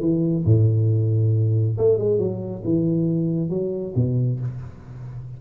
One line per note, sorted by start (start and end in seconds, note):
0.00 0.44 E3
0.44 1.77 A2
1.77 1.98 A3
1.98 2.18 G#3
2.18 2.62 F#3
2.64 3.49 E3
3.49 3.93 F#3
3.95 4.39 B2